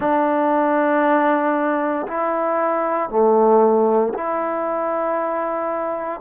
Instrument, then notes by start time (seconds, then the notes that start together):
trombone
0.00 D4
2.07 E4
3.09 A3
4.14 E4